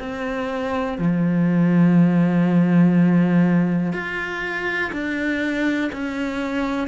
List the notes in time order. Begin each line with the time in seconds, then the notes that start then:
0.00 C4
0.98 F3
3.93 F4
4.93 D4
5.93 C#4